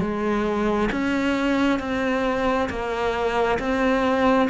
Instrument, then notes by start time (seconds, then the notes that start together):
cello
0.00 G#3
0.92 C#4
1.80 C4
2.69 A#3
3.59 C4